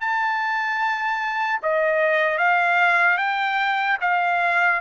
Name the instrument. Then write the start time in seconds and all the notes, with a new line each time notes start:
trumpet
0.00 A5
1.62 D#5
2.37 F5
3.17 G5
4.00 F5